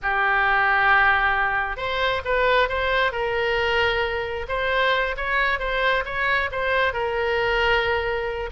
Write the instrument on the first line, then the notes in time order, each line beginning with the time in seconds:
oboe
0.02 G4
1.77 C5
2.24 B4
2.68 C5
3.12 A#4
4.48 C5
5.16 C#5
5.59 C5
6.05 C#5
6.51 C5
6.93 A#4